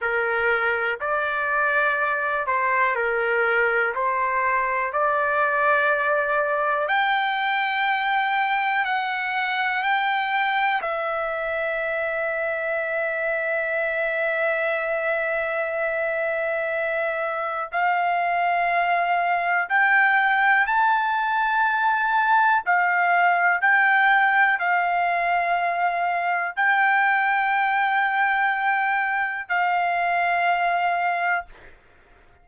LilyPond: \new Staff \with { instrumentName = "trumpet" } { \time 4/4 \tempo 4 = 61 ais'4 d''4. c''8 ais'4 | c''4 d''2 g''4~ | g''4 fis''4 g''4 e''4~ | e''1~ |
e''2 f''2 | g''4 a''2 f''4 | g''4 f''2 g''4~ | g''2 f''2 | }